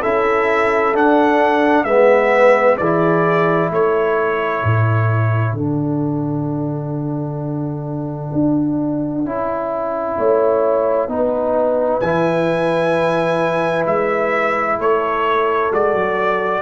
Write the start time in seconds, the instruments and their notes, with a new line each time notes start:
0.00 tuba C#4, trombone E4, horn A4, trumpet E5
0.92 tuba D4, trombone D4, trumpet F#5
1.84 tuba G#3, trombone B3, horn B4, trumpet E5
2.77 tuba E3, trombone E4, horn G#4, trumpet D5
3.70 tuba A3, horn A4, trumpet C#5
4.63 tuba A2
5.53 tuba D3, trombone D4, trumpet F#5
8.32 tuba D4
9.24 tuba C#4, trombone E4
10.17 tuba A3, horn C#5
11.07 tuba B3, trombone D#4, horn B4
12.00 tuba E3, trombone E4, trumpet G#5
13.86 tuba G#3, trumpet E5
14.78 tuba A3, horn A4, trumpet C#5
15.71 tuba G#3, trombone F#4, trumpet D5
15.92 tuba F#3